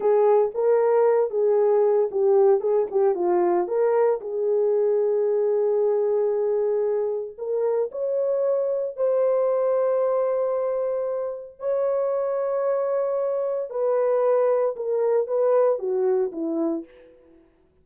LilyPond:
\new Staff \with { instrumentName = "horn" } { \time 4/4 \tempo 4 = 114 gis'4 ais'4. gis'4. | g'4 gis'8 g'8 f'4 ais'4 | gis'1~ | gis'2 ais'4 cis''4~ |
cis''4 c''2.~ | c''2 cis''2~ | cis''2 b'2 | ais'4 b'4 fis'4 e'4 | }